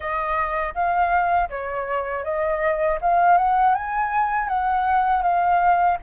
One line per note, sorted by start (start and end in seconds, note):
0.00 0.74 D#5
0.74 1.49 F5
1.49 2.23 C#5
2.23 2.98 D#5
3.01 3.37 F5
3.37 3.75 F#5
3.75 4.48 G#5
4.48 5.22 F#5
5.22 5.97 F5